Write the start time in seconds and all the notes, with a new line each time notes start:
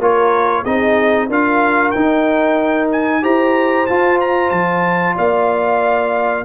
0.00 A#3 F4 A#4 C#5
0.63 C4 D#4 G#4 D#5
1.29 D4 F4 A#4 F5
1.91 D#4 G5
2.92 G#5
3.22 E4 G4 C5 A#5
3.87 F4 A5
4.21 A#5
4.51 F3 A5
5.15 A#3 D5 F5